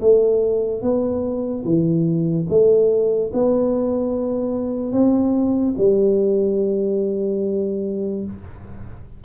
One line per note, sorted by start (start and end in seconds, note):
0.00 0.82 A3
0.82 1.64 B3
1.64 2.47 E3
2.49 3.31 A3
3.33 4.92 B3
4.92 5.74 C4
5.78 8.24 G3